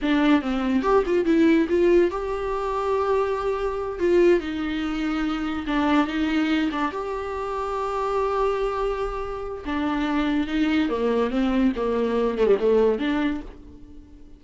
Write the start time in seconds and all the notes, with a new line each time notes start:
0.02 D4
0.41 C4
0.82 G4
1.06 F4
1.25 E4
1.68 F4
2.10 G4
3.99 F4
4.39 D#4
5.66 D4
6.07 D#4
6.71 D4
6.91 G4
9.65 D4
10.47 D#4
10.89 A#3
11.30 C4
11.76 A#3
12.38 A3
12.47 G3
12.59 A3
12.98 D4